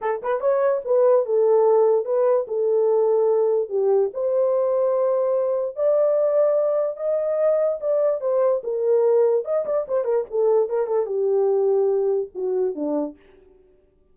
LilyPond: \new Staff \with { instrumentName = "horn" } { \time 4/4 \tempo 4 = 146 a'8 b'8 cis''4 b'4 a'4~ | a'4 b'4 a'2~ | a'4 g'4 c''2~ | c''2 d''2~ |
d''4 dis''2 d''4 | c''4 ais'2 dis''8 d''8 | c''8 ais'8 a'4 ais'8 a'8 g'4~ | g'2 fis'4 d'4 | }